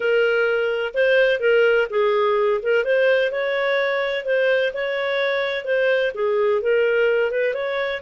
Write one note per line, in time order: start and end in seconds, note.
0.00 0.93 A#4
0.94 1.40 C5
1.40 1.87 A#4
1.89 2.60 G#4
2.62 2.84 A#4
2.84 3.31 C5
3.31 4.25 C#5
4.25 4.72 C5
4.73 5.65 C#5
5.65 6.12 C5
6.14 6.61 G#4
6.61 7.31 A#4
7.31 7.54 B4
7.54 8.01 C#5